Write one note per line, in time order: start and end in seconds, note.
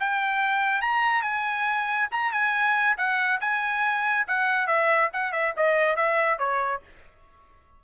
0.00 0.81 G5
0.81 1.22 A#5
1.22 2.08 G#5
2.11 2.32 A#5
2.32 2.96 G#5
2.97 3.40 F#5
3.41 4.26 G#5
4.27 4.67 F#5
4.67 5.10 E5
5.13 5.32 F#5
5.32 5.54 E5
5.57 5.96 D#5
5.96 6.38 E5
6.38 6.81 C#5